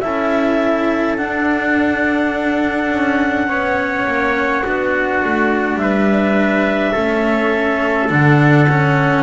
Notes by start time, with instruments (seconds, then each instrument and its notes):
0.00 double bass C#4, cello E4, trumpet A4, clarinet E5
1.16 cello D4, double bass D4, clarinet F#5
2.91 double bass C#4
3.47 double bass B3, cello C#4, trumpet C#5
4.06 double bass A#3
4.63 double bass B3, cello D4, trumpet F#4
5.23 double bass A3
5.74 double bass G3, clarinet E5
5.81 trumpet B4
6.92 double bass A3, cello C#4, trumpet A4
8.08 double bass D3, cello D4, clarinet F#5
8.69 cello C#4